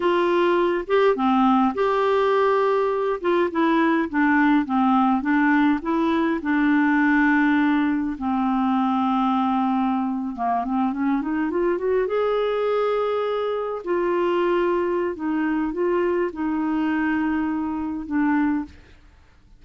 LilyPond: \new Staff \with { instrumentName = "clarinet" } { \time 4/4 \tempo 4 = 103 f'4. g'8 c'4 g'4~ | g'4. f'8 e'4 d'4 | c'4 d'4 e'4 d'4~ | d'2 c'2~ |
c'4.~ c'16 ais8 c'8 cis'8 dis'8 f'16~ | f'16 fis'8 gis'2. f'16~ | f'2 dis'4 f'4 | dis'2. d'4 | }